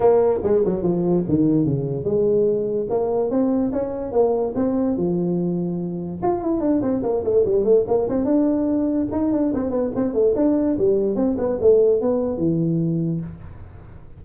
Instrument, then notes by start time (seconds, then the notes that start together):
tuba
0.00 A#3
0.43 G#3
0.64 F#3
0.83 F3
1.28 D#3
1.65 C#3
2.04 G#3
2.89 A#3
3.30 C4
3.72 C#4
4.12 A#3
4.55 C4
4.97 F3
6.22 F4
6.41 E4
6.60 D4
6.81 C4
7.02 A#3
7.23 A3
7.45 G3
7.64 A3
7.87 A#3
8.08 C4
8.24 D4
9.11 D#4
9.32 D4
9.54 C4
9.70 B3
9.95 C4
10.13 A3
10.35 D4
10.78 G3
11.15 C4
11.38 B3
11.61 A3
12.01 B3
12.37 E3